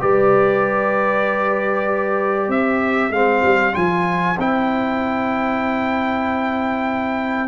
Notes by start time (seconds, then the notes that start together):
0.00 G3 G4 B4 D5
2.48 C4 C5 E5
3.10 G#3 C4 F5
3.43 G3
3.73 F3 F4 G#5
4.38 C4 E4 G5